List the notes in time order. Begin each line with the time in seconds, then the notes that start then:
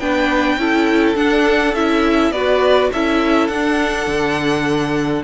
0.00 B3 D4 B4 G5
0.58 C#4 E4 A4
1.16 D4 F#5
1.75 C#4 E4 E5
2.32 B3 F#4 B4 D5
2.93 C#4 E4 A4 E5
3.48 D4 F#5
4.07 D3